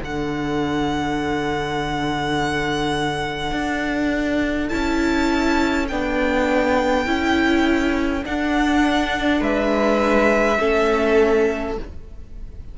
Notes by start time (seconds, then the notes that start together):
0.00 D3 D4 A4 F#5
3.52 D4
4.69 C#4 E4 A5
5.88 B3 D4 G5
7.06 C#4 E4
8.24 D4 F#5
9.41 G#3 B4 E5
10.59 A3 C#4 A4